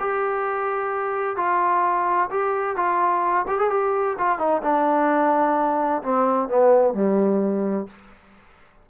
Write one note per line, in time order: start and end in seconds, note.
0.00 1.37 G4
1.37 2.30 F4
2.31 2.76 G4
2.76 3.46 F4
3.48 3.59 G4
3.59 3.70 G#4
3.71 4.17 G4
4.18 4.39 F4
4.39 4.62 D#4
4.63 6.03 D4
6.03 6.49 C4
6.49 6.94 B3
6.94 7.87 G3